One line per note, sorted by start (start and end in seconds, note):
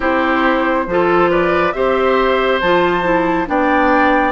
0.00 0.86 C4
0.00 0.86 E4
0.00 0.84 G4
0.00 1.31 C5
0.86 1.73 F3
0.86 1.74 F4
0.86 1.30 A4
1.30 1.73 B4
1.30 1.72 D5
1.72 2.61 C4
1.72 2.61 G4
1.72 3.49 C5
1.72 2.59 E5
2.60 3.48 F3
2.60 3.03 F4
2.60 3.47 A5
3.03 3.45 E4
3.45 4.31 B3
3.45 4.31 D4
3.45 4.31 D5
3.45 4.31 G5